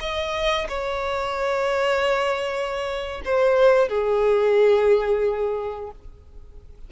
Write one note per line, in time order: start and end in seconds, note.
0.00 0.67 D#5
0.69 3.21 C#5
3.25 3.88 C5
3.88 5.91 G#4